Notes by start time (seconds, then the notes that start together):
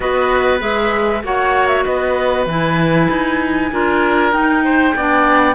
0.00 B3 F#4 B4 D#5
0.59 G#3 G#4 E5
1.23 A#3 F#4 C#5 F#5
1.67 E5
1.84 B3 B4 D#5
2.46 E3 E4 G#5
3.09 D#4
3.71 D4 F4 A#4
4.32 D#4 G5
4.64 C5
4.95 B3 D4 D5